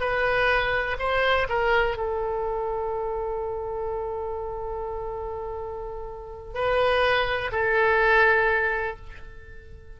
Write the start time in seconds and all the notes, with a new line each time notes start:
0.00 B4
0.99 C5
1.49 A#4
1.97 A4
6.54 B4
7.51 A4